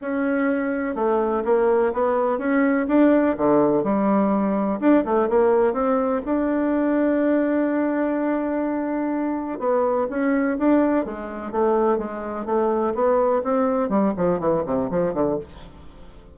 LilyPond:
\new Staff \with { instrumentName = "bassoon" } { \time 4/4 \tempo 4 = 125 cis'2 a4 ais4 | b4 cis'4 d'4 d4 | g2 d'8 a8 ais4 | c'4 d'2.~ |
d'1 | b4 cis'4 d'4 gis4 | a4 gis4 a4 b4 | c'4 g8 f8 e8 c8 f8 d8 | }